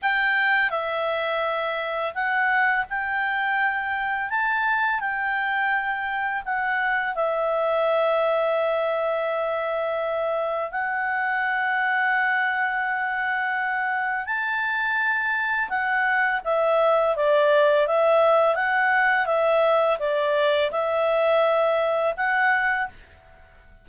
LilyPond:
\new Staff \with { instrumentName = "clarinet" } { \time 4/4 \tempo 4 = 84 g''4 e''2 fis''4 | g''2 a''4 g''4~ | g''4 fis''4 e''2~ | e''2. fis''4~ |
fis''1 | a''2 fis''4 e''4 | d''4 e''4 fis''4 e''4 | d''4 e''2 fis''4 | }